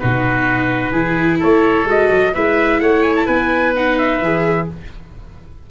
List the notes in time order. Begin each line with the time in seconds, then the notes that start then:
0.00 B2 D#4 F#4 B4
0.92 E3 E4 G#4
1.39 A3 A4 C#5
1.85 G#3 F#4 D#5
2.11 F#3
2.34 G#3 E4 B4 E5
2.80 A3 C#5 F#5
3.03 G#5
3.17 A5
3.26 B3 B4 G#5
3.76 D#4 F#5
3.99 E5
4.21 E3 G#4